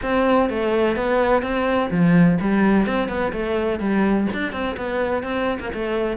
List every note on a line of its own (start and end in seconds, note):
0.02 0.49 C4
0.49 0.95 A3
0.95 1.42 B3
1.42 1.90 C4
1.90 2.38 F3
2.40 2.86 G3
2.86 3.08 C4
3.08 3.32 B3
3.32 3.79 A3
3.79 4.27 G3
4.33 4.52 D4
4.52 4.76 C4
4.76 5.23 B3
5.23 5.58 C4
5.60 5.71 A#3
5.73 6.17 A3